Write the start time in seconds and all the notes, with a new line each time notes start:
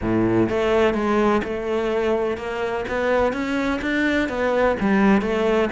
0.01 A2
0.49 A3
0.94 G#3
1.44 A3
2.37 A#3
2.88 B3
3.32 C#4
3.81 D4
4.29 B3
4.80 G3
5.21 A3